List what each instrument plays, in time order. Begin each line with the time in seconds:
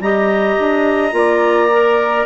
0.00 bassoon G3, clarinet G4 A#5, saxophone D#5
0.59 bassoon D4
1.12 bassoon A#3, clarinet F4, saxophone D5
1.72 clarinet A#4